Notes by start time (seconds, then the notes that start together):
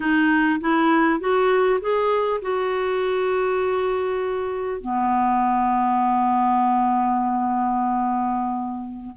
0.00 D#4
0.60 E4
1.20 F#4
1.80 G#4
2.41 F#4
4.80 B3